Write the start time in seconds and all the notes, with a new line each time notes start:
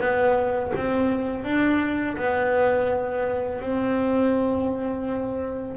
0.00 B3
0.76 C4
1.44 D4
2.17 B3
3.61 C4